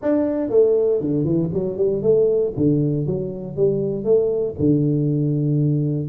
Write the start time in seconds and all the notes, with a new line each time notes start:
0.02 D4
0.49 A3
1.00 D3
1.24 E3
1.53 F#3
1.77 G3
2.02 A3
2.56 D3
3.06 F#3
3.56 G3
4.04 A3
4.59 D3